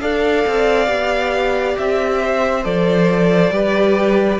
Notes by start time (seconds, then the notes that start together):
0.00 D4 A4 D5 F5
0.47 C4
0.86 B3 G4
1.77 C4 E5
2.21 C5
2.64 F3 A4 D5
3.50 G3 G4 B4